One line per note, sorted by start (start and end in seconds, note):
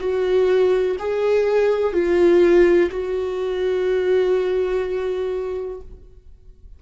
0.00 0.97 F#4
0.99 1.93 G#4
1.93 2.90 F4
2.90 5.81 F#4